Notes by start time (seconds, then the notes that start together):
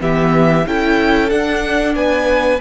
0.00 E3 B3 G4 E5
0.67 C#4 E4 A4 G5
1.30 D4 F#5
1.95 B3 B4 G#5